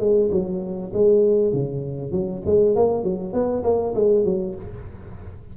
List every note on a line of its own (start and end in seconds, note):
0.00 0.30 G#3
0.32 0.92 F#3
0.93 1.53 G#3
1.53 2.12 C#3
2.12 2.42 F#3
2.46 2.76 G#3
2.76 3.04 A#3
3.04 3.33 F#3
3.33 3.64 B3
3.64 3.94 A#3
3.95 4.25 G#3
4.25 4.55 F#3